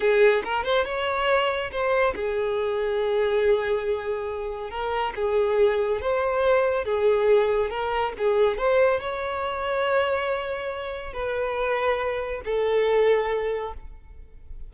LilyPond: \new Staff \with { instrumentName = "violin" } { \time 4/4 \tempo 4 = 140 gis'4 ais'8 c''8 cis''2 | c''4 gis'2.~ | gis'2. ais'4 | gis'2 c''2 |
gis'2 ais'4 gis'4 | c''4 cis''2.~ | cis''2 b'2~ | b'4 a'2. | }